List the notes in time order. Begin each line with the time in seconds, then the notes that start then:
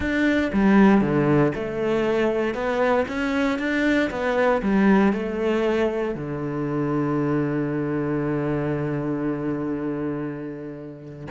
0.00 D4
0.52 G3
1.01 D3
1.54 A3
2.54 B3
3.07 C#4
3.58 D4
4.10 B3
4.62 G3
5.12 A3
6.14 D3